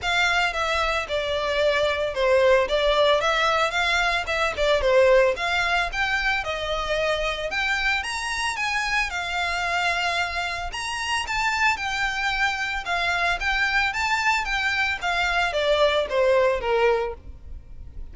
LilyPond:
\new Staff \with { instrumentName = "violin" } { \time 4/4 \tempo 4 = 112 f''4 e''4 d''2 | c''4 d''4 e''4 f''4 | e''8 d''8 c''4 f''4 g''4 | dis''2 g''4 ais''4 |
gis''4 f''2. | ais''4 a''4 g''2 | f''4 g''4 a''4 g''4 | f''4 d''4 c''4 ais'4 | }